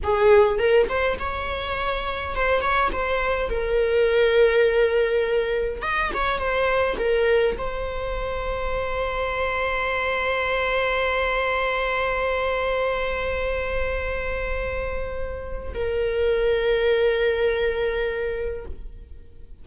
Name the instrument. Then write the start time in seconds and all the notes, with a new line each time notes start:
viola
0.03 G#4
0.58 A#4
0.88 C5
1.19 C#5
2.35 C5
2.61 C#5
2.92 C5
3.49 A#4
5.82 D#5
6.14 C#5
6.38 C5
6.98 A#4
7.58 C5
15.73 A#4